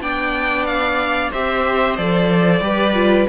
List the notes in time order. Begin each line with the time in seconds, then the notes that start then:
0.00 B3 D4 D5 G5
0.65 F5
1.31 C4 G4 C5 E5
1.96 F3 A4 D5
2.60 G3 G4 B4
2.94 F4